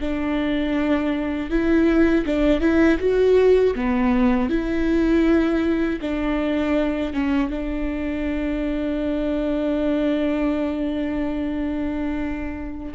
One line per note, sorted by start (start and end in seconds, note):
0.00 1.50 D4
1.50 2.25 E4
2.25 2.60 D4
2.60 2.98 E4
2.99 3.74 F#4
3.75 4.49 B3
4.49 5.99 E4
6.01 7.13 D4
7.13 7.50 C#4
7.50 12.93 D4